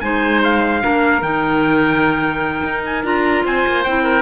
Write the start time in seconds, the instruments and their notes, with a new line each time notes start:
0.00 cello G#3, clarinet D#4, oboe C5, trumpet G#5
0.43 trumpet F5
0.81 cello A#3, clarinet D4, oboe A#4
1.22 cello D#3, clarinet D#4, trumpet G5
2.64 cello D#4
2.84 trumpet G#5
3.03 cello D4, clarinet F4, trumpet A#5
3.45 cello C4, oboe C5, trumpet G#5
3.66 cello A#3
3.83 cello C4, clarinet E4, trumpet G5
4.03 oboe A#4